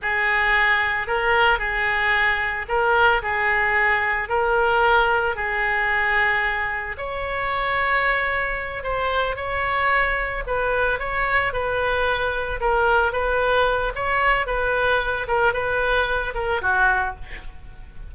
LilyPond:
\new Staff \with { instrumentName = "oboe" } { \time 4/4 \tempo 4 = 112 gis'2 ais'4 gis'4~ | gis'4 ais'4 gis'2 | ais'2 gis'2~ | gis'4 cis''2.~ |
cis''8 c''4 cis''2 b'8~ | b'8 cis''4 b'2 ais'8~ | ais'8 b'4. cis''4 b'4~ | b'8 ais'8 b'4. ais'8 fis'4 | }